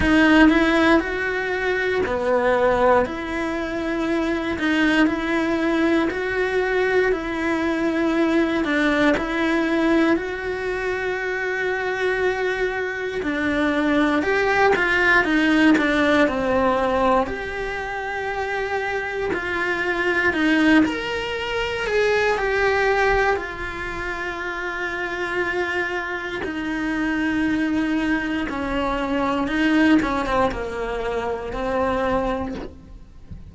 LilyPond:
\new Staff \with { instrumentName = "cello" } { \time 4/4 \tempo 4 = 59 dis'8 e'8 fis'4 b4 e'4~ | e'8 dis'8 e'4 fis'4 e'4~ | e'8 d'8 e'4 fis'2~ | fis'4 d'4 g'8 f'8 dis'8 d'8 |
c'4 g'2 f'4 | dis'8 ais'4 gis'8 g'4 f'4~ | f'2 dis'2 | cis'4 dis'8 cis'16 c'16 ais4 c'4 | }